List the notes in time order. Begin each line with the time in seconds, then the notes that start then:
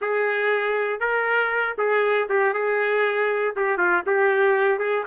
0.01 G#4
0.99 A#4
1.78 G#4
2.29 G4
2.53 G#4
3.56 G4
3.77 F4
4.06 G4
4.78 G#4